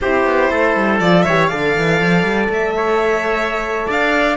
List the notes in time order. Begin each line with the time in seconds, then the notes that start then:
0.01 C4 E4 G4 C5
0.25 B3
0.50 A3 A4
0.75 G3
0.99 F3 F4 D5
1.22 E3 G4 C#5 E5
1.46 D3 A4 D5 F5
1.77 E3
2.00 F3
2.23 G3
2.49 A3 E5
2.76 C#5
3.86 D4 D5 F5